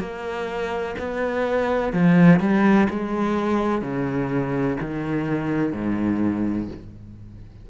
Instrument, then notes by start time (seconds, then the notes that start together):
cello
0.00 A#3
0.99 B3
1.93 F3
2.40 G3
2.90 G#3
3.82 C#3
4.81 D#3
5.73 G#2